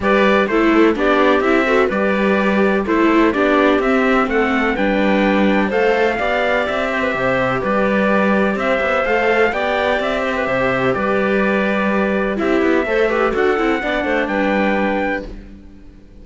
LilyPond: <<
  \new Staff \with { instrumentName = "trumpet" } { \time 4/4 \tempo 4 = 126 d''4 c''4 d''4 e''4 | d''2 c''4 d''4 | e''4 fis''4 g''2 | f''2 e''2 |
d''2 e''4 f''4 | g''4 e''2 d''4~ | d''2 e''2 | fis''2 g''2 | }
  \new Staff \with { instrumentName = "clarinet" } { \time 4/4 b'4 a'4 g'4. a'8 | b'2 a'4 g'4~ | g'4 a'4 b'2 | c''4 d''4. c''16 b'16 c''4 |
b'2 c''2 | d''4. c''16 b'16 c''4 b'4~ | b'2 g'4 c''8 b'8 | a'4 d''8 c''8 b'2 | }
  \new Staff \with { instrumentName = "viola" } { \time 4/4 g'4 e'4 d'4 e'8 fis'8 | g'2 e'4 d'4 | c'2 d'2 | a'4 g'2.~ |
g'2. a'4 | g'1~ | g'2 e'4 a'8 g'8 | fis'8 e'8 d'2. | }
  \new Staff \with { instrumentName = "cello" } { \time 4/4 g4 a4 b4 c'4 | g2 a4 b4 | c'4 a4 g2 | a4 b4 c'4 c4 |
g2 c'8 b8 a4 | b4 c'4 c4 g4~ | g2 c'8 b8 a4 | d'8 c'8 b8 a8 g2 | }
>>